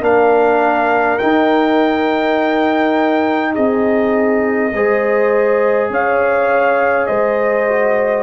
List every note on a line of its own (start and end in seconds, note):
0.00 1.18 A#3
0.00 1.19 D4
0.00 3.53 A#4
0.00 1.18 F5
1.18 4.72 D#4
1.18 3.57 D#4
1.18 3.53 G5
3.53 4.73 C4
3.53 4.71 G#4
3.53 5.90 D#5
4.73 5.89 G#3
4.73 7.68 G#4
4.73 5.91 C5
5.89 7.07 C#4
5.89 7.08 C#5
5.89 7.06 F5
7.06 8.23 G#3
7.06 8.23 C5
7.06 8.23 D#5
7.68 8.23 F#4